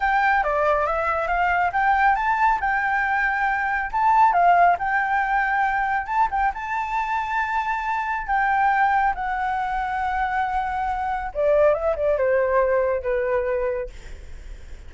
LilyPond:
\new Staff \with { instrumentName = "flute" } { \time 4/4 \tempo 4 = 138 g''4 d''4 e''4 f''4 | g''4 a''4 g''2~ | g''4 a''4 f''4 g''4~ | g''2 a''8 g''8 a''4~ |
a''2. g''4~ | g''4 fis''2.~ | fis''2 d''4 e''8 d''8 | c''2 b'2 | }